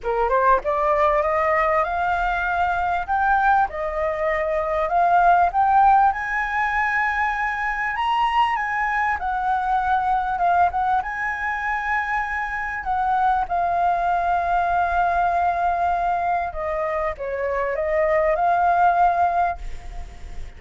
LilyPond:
\new Staff \with { instrumentName = "flute" } { \time 4/4 \tempo 4 = 98 ais'8 c''8 d''4 dis''4 f''4~ | f''4 g''4 dis''2 | f''4 g''4 gis''2~ | gis''4 ais''4 gis''4 fis''4~ |
fis''4 f''8 fis''8 gis''2~ | gis''4 fis''4 f''2~ | f''2. dis''4 | cis''4 dis''4 f''2 | }